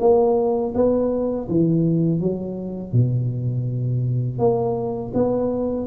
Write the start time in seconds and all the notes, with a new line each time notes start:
0.00 A#3
0.75 B3
1.49 E3
2.21 F#3
2.93 B2
4.39 A#3
5.14 B3